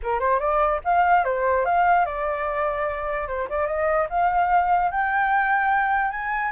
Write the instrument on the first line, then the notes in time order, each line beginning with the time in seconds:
flute
0.02 A#4
0.19 C5
0.39 D5
0.84 F5
1.24 C5
1.65 F5
2.05 D5
3.27 C5
3.49 D5
3.66 D#5
4.09 F5
4.91 G5
6.11 G#5